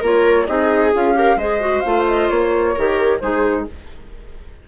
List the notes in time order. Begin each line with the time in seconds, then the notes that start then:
0.00 A#3 F4 A#4 C#5
0.47 C4 D#4 G#4 D#5
0.94 C#4 F4 F5
1.15 G4 A#4
1.36 G#3 G#4 C5 D#5
1.61 F#4
1.80 A3 F4 F5
2.08 D#5
2.30 A#3 C#5
2.75 D#3 G4 A#4
3.20 G#3 D#4 G#4 C5